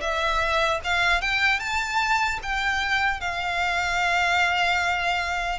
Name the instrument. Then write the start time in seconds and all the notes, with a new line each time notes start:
violin
0.00 E5
0.84 F5
1.21 G5
1.59 A5
2.42 G5
3.20 F5